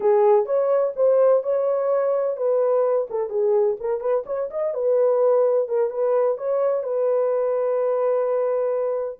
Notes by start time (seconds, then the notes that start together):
0.00 G#4
0.45 C#5
0.96 C5
1.43 C#5
2.36 B4
3.10 A4
3.29 G#4
3.80 A#4
4.00 B4
4.25 C#5
4.50 D#5
4.74 B4
5.68 A#4
5.90 B4
6.37 C#5
6.83 B4